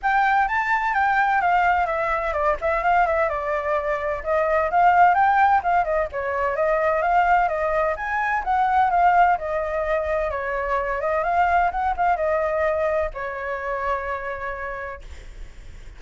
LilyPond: \new Staff \with { instrumentName = "flute" } { \time 4/4 \tempo 4 = 128 g''4 a''4 g''4 f''4 | e''4 d''8 e''8 f''8 e''8 d''4~ | d''4 dis''4 f''4 g''4 | f''8 dis''8 cis''4 dis''4 f''4 |
dis''4 gis''4 fis''4 f''4 | dis''2 cis''4. dis''8 | f''4 fis''8 f''8 dis''2 | cis''1 | }